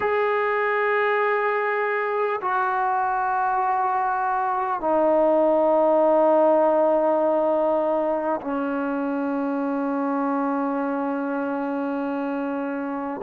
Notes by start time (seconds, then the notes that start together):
0.00 G#4
2.41 F#4
4.80 D#4
8.41 C#4